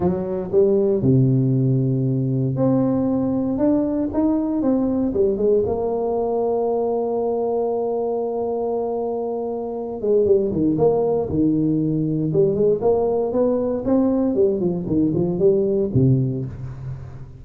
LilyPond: \new Staff \with { instrumentName = "tuba" } { \time 4/4 \tempo 4 = 117 fis4 g4 c2~ | c4 c'2 d'4 | dis'4 c'4 g8 gis8 ais4~ | ais1~ |
ais2.~ ais8 gis8 | g8 dis8 ais4 dis2 | g8 gis8 ais4 b4 c'4 | g8 f8 dis8 f8 g4 c4 | }